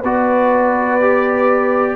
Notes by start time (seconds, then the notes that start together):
0.00 B3 F#4 B4 D5
1.01 G4